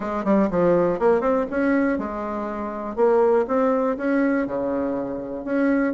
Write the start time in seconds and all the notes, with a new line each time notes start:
0.00 G#3
0.24 G3
0.50 F3
0.99 A#3
1.21 C4
1.50 C#4
1.98 G#3
2.96 A#3
3.47 C4
3.97 C#4
4.46 C#3
5.45 C#4